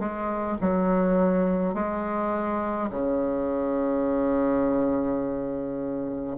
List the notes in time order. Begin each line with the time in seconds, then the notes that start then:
0.00 G#3
0.61 F#3
1.75 G#3
2.91 C#3